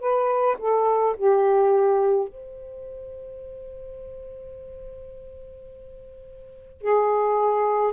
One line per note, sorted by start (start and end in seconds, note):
0.00 0.57 B4
0.59 1.15 A4
1.17 2.28 G4
2.28 6.81 C5
6.81 7.93 G#4